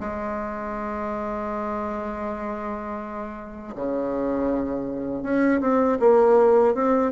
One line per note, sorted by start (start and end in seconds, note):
0.00 3.75 G#3
3.75 5.23 C#3
5.23 5.61 C#4
5.61 5.99 C4
6.00 6.75 A#3
6.75 7.12 C4